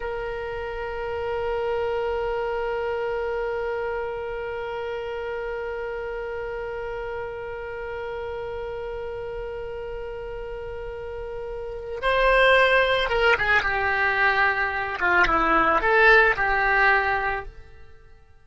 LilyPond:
\new Staff \with { instrumentName = "oboe" } { \time 4/4 \tempo 4 = 110 ais'1~ | ais'1~ | ais'1~ | ais'1~ |
ais'1~ | ais'2 c''2 | ais'8 gis'8 g'2~ g'8 f'8 | e'4 a'4 g'2 | }